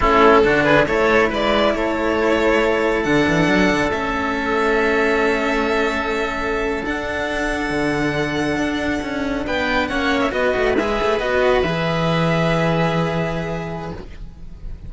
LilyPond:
<<
  \new Staff \with { instrumentName = "violin" } { \time 4/4 \tempo 4 = 138 a'4. b'8 cis''4 d''4 | cis''2. fis''4~ | fis''4 e''2.~ | e''2.~ e''8. fis''16~ |
fis''1~ | fis''4.~ fis''16 g''4 fis''8. e''16 dis''16~ | dis''8. e''4 dis''4 e''4~ e''16~ | e''1 | }
  \new Staff \with { instrumentName = "oboe" } { \time 4/4 e'4 fis'8 gis'8 a'4 b'4 | a'1~ | a'1~ | a'1~ |
a'1~ | a'4.~ a'16 b'4 cis''4 b'16~ | b'1~ | b'1 | }
  \new Staff \with { instrumentName = "cello" } { \time 4/4 cis'4 d'4 e'2~ | e'2. d'4~ | d'4 cis'2.~ | cis'2.~ cis'8. d'16~ |
d'1~ | d'2~ d'8. cis'4 fis'16~ | fis'8. gis'4 fis'4 gis'4~ gis'16~ | gis'1 | }
  \new Staff \with { instrumentName = "cello" } { \time 4/4 a4 d4 a4 gis4 | a2. d8 e8 | fis8 d8 a2.~ | a2.~ a8. d'16~ |
d'4.~ d'16 d2 d'16~ | d'8. cis'4 b4 ais4 b16~ | b16 a8 gis8 a8 b4 e4~ e16~ | e1 | }
>>